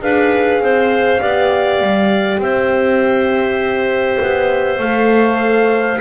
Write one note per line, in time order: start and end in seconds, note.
0.00 0.60 D4
0.00 1.20 G#4
0.00 0.62 B4
0.00 2.42 F5
0.60 1.20 C4
0.60 1.21 C5
1.20 1.81 B3
1.20 4.80 G4
1.20 2.41 D5
1.81 2.38 G3
2.38 4.18 C4
2.38 6.01 C5
2.38 4.80 E5
4.21 4.79 B3
4.79 5.99 A3
4.79 6.01 A4
4.79 6.00 F5